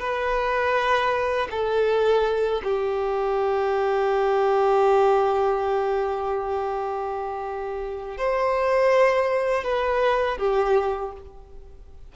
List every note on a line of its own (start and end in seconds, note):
0.00 1.48 B4
1.51 2.62 A4
2.64 8.18 G4
8.18 9.64 C5
9.64 10.38 B4
10.38 11.12 G4